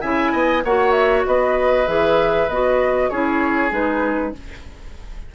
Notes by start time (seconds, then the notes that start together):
0.00 C#3 E4 E5 G#5
0.32 B3 D#5
0.64 A#3 F#4 C#5 F#5
0.91 E5
1.26 B3 B4 D#5
1.86 E3 G#4 E5
2.48 B3 F#4 D#5
3.09 C#4 E4 G#4 C#5
3.70 G#3 D#4 B4